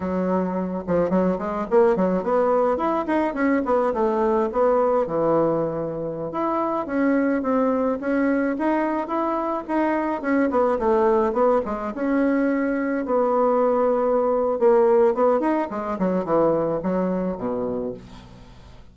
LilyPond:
\new Staff \with { instrumentName = "bassoon" } { \time 4/4 \tempo 4 = 107 fis4. f8 fis8 gis8 ais8 fis8 | b4 e'8 dis'8 cis'8 b8 a4 | b4 e2~ e16 e'8.~ | e'16 cis'4 c'4 cis'4 dis'8.~ |
dis'16 e'4 dis'4 cis'8 b8 a8.~ | a16 b8 gis8 cis'2 b8.~ | b2 ais4 b8 dis'8 | gis8 fis8 e4 fis4 b,4 | }